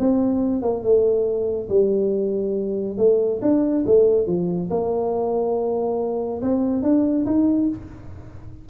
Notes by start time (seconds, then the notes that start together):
0.00 C4
0.62 A#3
0.83 A3
1.69 G3
2.98 A3
3.42 D4
3.86 A3
4.27 F3
4.71 A#3
6.42 C4
6.83 D4
7.26 D#4